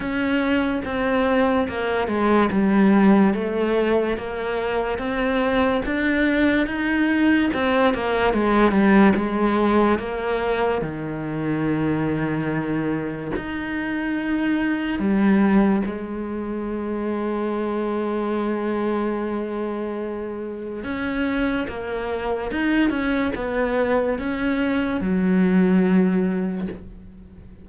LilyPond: \new Staff \with { instrumentName = "cello" } { \time 4/4 \tempo 4 = 72 cis'4 c'4 ais8 gis8 g4 | a4 ais4 c'4 d'4 | dis'4 c'8 ais8 gis8 g8 gis4 | ais4 dis2. |
dis'2 g4 gis4~ | gis1~ | gis4 cis'4 ais4 dis'8 cis'8 | b4 cis'4 fis2 | }